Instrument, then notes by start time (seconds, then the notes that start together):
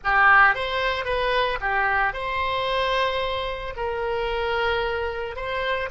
oboe
0.04 G4
0.54 C5
1.04 B4
1.60 G4
2.13 C5
3.76 A#4
5.36 C5